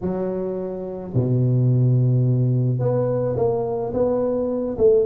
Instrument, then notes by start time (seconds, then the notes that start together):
tuba
0.01 F#3
1.14 B2
2.79 B3
3.36 A#3
3.93 B3
4.77 A3